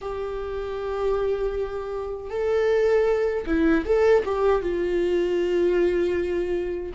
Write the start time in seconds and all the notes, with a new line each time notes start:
0.01 G4
2.29 A4
3.46 E4
3.85 A4
4.24 G4
4.62 F4